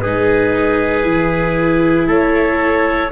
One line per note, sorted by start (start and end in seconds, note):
0.00 1.05 G#3
0.00 1.02 D#4
0.00 2.06 G#4
0.00 2.07 B4
1.02 2.06 E3
1.02 3.09 E4
2.06 3.10 A3
2.06 3.10 A4
2.06 3.11 C#5